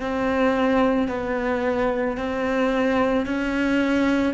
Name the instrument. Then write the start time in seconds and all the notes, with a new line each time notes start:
cello
0.00 C4
1.08 B3
2.17 C4
3.26 C#4